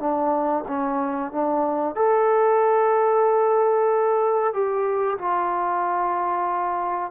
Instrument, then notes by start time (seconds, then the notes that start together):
trombone
0.00 D4
0.68 C#4
1.32 D4
1.96 A4
4.54 G4
5.18 F4